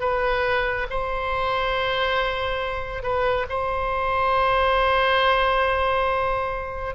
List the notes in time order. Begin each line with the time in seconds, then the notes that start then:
0.00 B4
0.90 C5
3.03 B4
3.49 C5